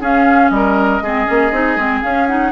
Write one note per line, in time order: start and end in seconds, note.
0.00 0.50 C#4
0.00 1.02 C#4
0.00 0.51 G#4
0.00 0.49 F5
0.49 1.01 G3
0.49 1.03 A#4
0.49 2.01 D#5
1.01 1.26 G#3
1.01 1.26 C4
1.01 2.52 G#4
1.26 1.52 A#3
1.26 1.51 C#4
1.52 1.76 C4
1.52 1.78 D#4
1.76 2.01 G#3
1.76 2.02 C4
2.02 2.28 C#4
2.02 2.52 C#4
2.02 2.27 F5
2.27 2.52 D#4
2.27 2.52 F#5